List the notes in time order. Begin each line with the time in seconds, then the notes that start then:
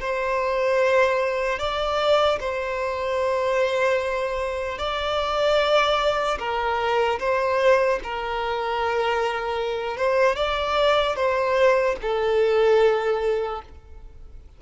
0.00 C5
1.59 D5
2.40 C5
4.78 D5
6.39 A#4
7.19 C5
8.03 A#4
9.97 C5
10.36 D5
11.16 C5
12.02 A4